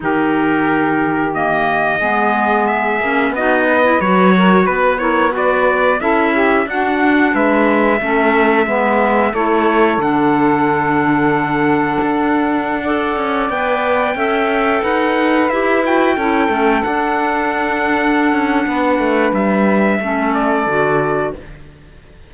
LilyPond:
<<
  \new Staff \with { instrumentName = "trumpet" } { \time 4/4 \tempo 4 = 90 ais'2 dis''2 | e''4 dis''4 cis''4 b'8 cis''8 | d''4 e''4 fis''4 e''4~ | e''2 cis''4 fis''4~ |
fis''1~ | fis''16 g''2 fis''4 e''8 g''16~ | g''4~ g''16 fis''2~ fis''8.~ | fis''4 e''4. d''4. | }
  \new Staff \with { instrumentName = "saxophone" } { \time 4/4 g'2. gis'4~ | gis'4 fis'8 b'4 ais'8 b'8 ais'8 | b'4 a'8 g'8 fis'4 b'4 | a'4 b'4 a'2~ |
a'2.~ a'16 d''8.~ | d''4~ d''16 e''4 b'4.~ b'16~ | b'16 a'2.~ a'8. | b'2 a'2 | }
  \new Staff \with { instrumentName = "clarinet" } { \time 4/4 dis'2 ais4 b4~ | b8 cis'8 dis'8. e'16 fis'4. e'8 | fis'4 e'4 d'2 | cis'4 b4 e'4 d'4~ |
d'2.~ d'16 a'8.~ | a'16 b'4 a'2 g'8 fis'16~ | fis'16 e'8 cis'8 d'2~ d'8.~ | d'2 cis'4 fis'4 | }
  \new Staff \with { instrumentName = "cello" } { \time 4/4 dis2. gis4~ | gis8 ais8 b4 fis4 b4~ | b4 cis'4 d'4 gis4 | a4 gis4 a4 d4~ |
d2 d'4.~ d'16 cis'16~ | cis'16 b4 cis'4 dis'4 e'8.~ | e'16 cis'8 a8 d'2~ d'16 cis'8 | b8 a8 g4 a4 d4 | }
>>